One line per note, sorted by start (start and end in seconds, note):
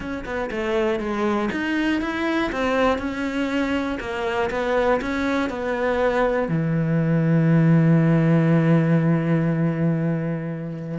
0.00 0.24 C#4
0.25 0.50 B3
0.50 0.99 A3
0.99 1.49 G#3
1.51 2.01 D#4
2.01 2.51 E4
2.52 2.98 C4
2.98 3.98 C#4
4.00 4.50 A#3
4.50 5.00 B3
5.01 5.49 C#4
5.49 6.48 B3
6.48 10.98 E3